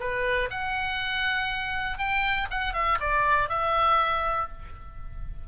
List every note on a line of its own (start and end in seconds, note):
0.00 0.50 B4
0.51 1.99 F#5
1.99 2.48 G5
2.51 2.74 F#5
2.74 2.98 E5
3.00 3.50 D5
3.50 4.49 E5